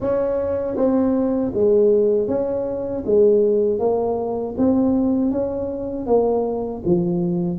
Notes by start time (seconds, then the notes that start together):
0.00 C#4
0.76 C4
1.54 G#3
2.27 C#4
3.05 G#3
3.79 A#3
4.57 C4
5.31 C#4
6.06 A#3
6.85 F3